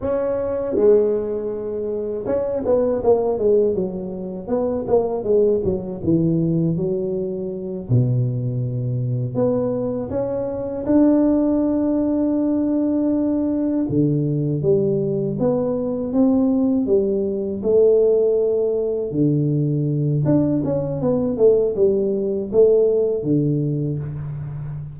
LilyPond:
\new Staff \with { instrumentName = "tuba" } { \time 4/4 \tempo 4 = 80 cis'4 gis2 cis'8 b8 | ais8 gis8 fis4 b8 ais8 gis8 fis8 | e4 fis4. b,4.~ | b,8 b4 cis'4 d'4.~ |
d'2~ d'8 d4 g8~ | g8 b4 c'4 g4 a8~ | a4. d4. d'8 cis'8 | b8 a8 g4 a4 d4 | }